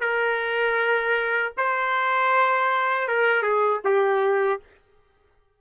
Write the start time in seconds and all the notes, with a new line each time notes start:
0.00 A#4
1.57 C5
3.08 A#4
3.42 G#4
3.84 G4